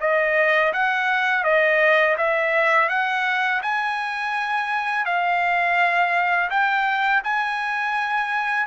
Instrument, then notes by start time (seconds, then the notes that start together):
trumpet
0.00 D#5
0.73 F#5
1.44 D#5
2.18 E5
2.89 F#5
3.62 G#5
5.05 F5
6.50 G5
7.24 G#5